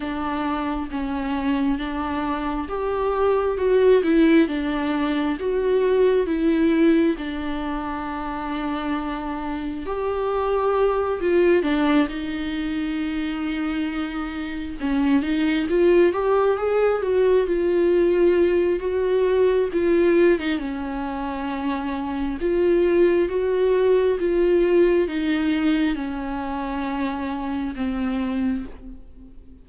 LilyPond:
\new Staff \with { instrumentName = "viola" } { \time 4/4 \tempo 4 = 67 d'4 cis'4 d'4 g'4 | fis'8 e'8 d'4 fis'4 e'4 | d'2. g'4~ | g'8 f'8 d'8 dis'2~ dis'8~ |
dis'8 cis'8 dis'8 f'8 g'8 gis'8 fis'8 f'8~ | f'4 fis'4 f'8. dis'16 cis'4~ | cis'4 f'4 fis'4 f'4 | dis'4 cis'2 c'4 | }